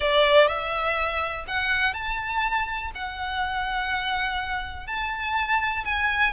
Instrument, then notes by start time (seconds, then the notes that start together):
violin
0.00 D5
0.47 E5
1.47 F#5
1.93 A5
2.94 F#5
4.86 A5
5.84 G#5